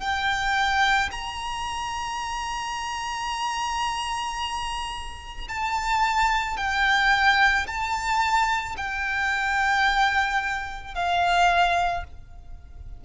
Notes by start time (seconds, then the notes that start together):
0.00 G5
1.11 A#5
5.48 A5
6.57 G5
7.67 A5
8.77 G5
10.94 F5